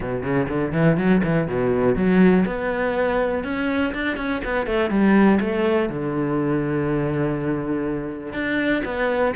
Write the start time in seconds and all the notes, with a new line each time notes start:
0.00 B2
0.22 C#3
0.48 D3
0.72 E3
0.97 F#3
1.23 E3
1.47 B2
1.95 F#3
2.45 B3
3.43 C#4
3.93 D4
4.17 C#4
4.44 B3
4.66 A3
4.90 G3
5.40 A3
5.89 D3
8.33 D4
8.84 B3